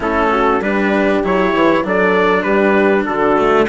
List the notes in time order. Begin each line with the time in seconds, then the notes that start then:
0.00 A3 C#4 E4 A4
0.32 F#4
0.60 G3 D4 G4 B4
1.23 F#3 E4 C#5
1.53 E3
1.83 F#3 D4 A4 D5
2.42 G3 G4 B4
3.05 D3 F#4 A4
3.36 A3